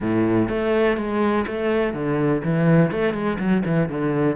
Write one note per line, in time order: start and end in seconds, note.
0.00 0.49 A2
0.49 0.97 A3
0.97 1.45 G#3
1.46 1.93 A3
1.93 2.41 D3
2.44 2.91 E3
2.91 3.13 A3
3.13 3.37 G#3
3.38 3.63 F#3
3.65 3.88 E3
3.88 4.35 D3